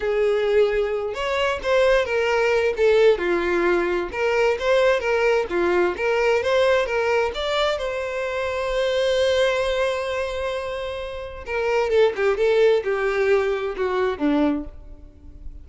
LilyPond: \new Staff \with { instrumentName = "violin" } { \time 4/4 \tempo 4 = 131 gis'2~ gis'8 cis''4 c''8~ | c''8 ais'4. a'4 f'4~ | f'4 ais'4 c''4 ais'4 | f'4 ais'4 c''4 ais'4 |
d''4 c''2.~ | c''1~ | c''4 ais'4 a'8 g'8 a'4 | g'2 fis'4 d'4 | }